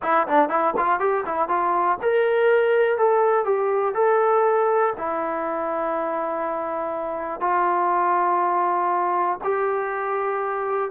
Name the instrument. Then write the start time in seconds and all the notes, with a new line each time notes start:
trombone
0.02 E4
0.27 D4
0.49 E4
0.76 F4
0.99 G4
1.25 E4
1.48 F4
2.02 A#4
2.98 A4
3.44 G4
3.94 A4
4.97 E4
7.40 F4
9.43 G4